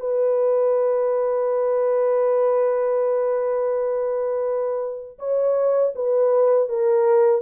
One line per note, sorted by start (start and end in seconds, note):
0.00 5.19 B4
5.19 5.93 C#5
5.96 6.69 B4
6.69 7.42 A#4